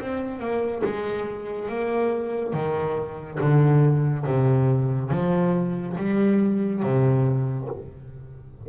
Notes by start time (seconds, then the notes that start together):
0.00 C4
0.40 A#3
0.84 G#3
1.69 A#3
2.53 D#3
3.40 D3
4.26 C3
5.11 F3
5.97 G3
6.83 C3